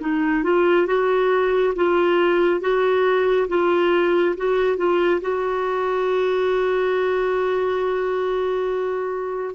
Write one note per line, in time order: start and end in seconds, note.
0.00 0.43 D#4
0.43 0.87 F4
0.87 1.74 F#4
1.75 2.60 F4
2.60 3.47 F#4
3.48 4.35 F4
4.37 4.77 F#4
4.77 5.21 F4
5.21 9.55 F#4